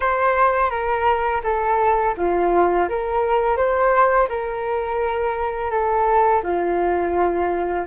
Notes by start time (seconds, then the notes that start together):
0.00 C5
0.70 A#4
1.43 A4
2.17 F4
2.89 A#4
3.56 C5
4.29 A#4
5.70 A4
6.43 F4